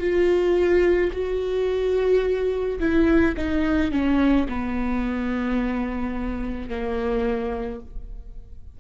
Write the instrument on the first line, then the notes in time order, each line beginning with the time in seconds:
viola
0.00 F4
1.13 F#4
2.80 E4
3.37 D#4
3.92 C#4
4.49 B3
6.69 A#3